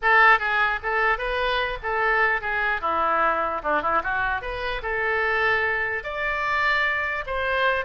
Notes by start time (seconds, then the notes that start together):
0.02 A4
0.39 G#4
0.82 A4
1.18 B4
1.82 A4
2.41 G#4
2.81 E4
3.62 D4
3.82 E4
4.03 F#4
4.41 B4
4.82 A4
6.03 D5
7.26 C5